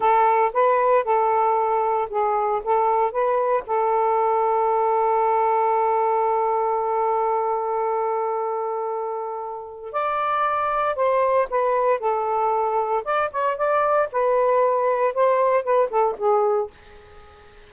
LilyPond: \new Staff \with { instrumentName = "saxophone" } { \time 4/4 \tempo 4 = 115 a'4 b'4 a'2 | gis'4 a'4 b'4 a'4~ | a'1~ | a'1~ |
a'2. d''4~ | d''4 c''4 b'4 a'4~ | a'4 d''8 cis''8 d''4 b'4~ | b'4 c''4 b'8 a'8 gis'4 | }